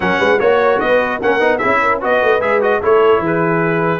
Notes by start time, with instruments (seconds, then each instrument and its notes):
0.00 tuba F#3, trombone C#4, horn A#4, trumpet F#5
0.18 tuba G#3, horn B4
0.38 tuba A#3, trombone F#4, horn C#5, trumpet C#5
0.79 tuba B3, horn B4, trumpet D#5
1.20 tuba A#3, trombone C#4, horn A#4, trumpet F#5
1.40 tuba B3, trombone D#4
1.57 trombone E4, horn G#4, trumpet E5
1.64 tuba C#4
1.82 horn A#4
2.00 tuba B3, trombone F#4, horn B4, trumpet D#5
2.22 tuba A3
2.40 tuba G#3, trombone G#4, trumpet E5
2.61 trombone F#4, trumpet D#5
2.82 tuba A3, trombone E4, horn A4, trumpet C#5
3.18 tuba E3, horn G#4
3.26 trumpet B4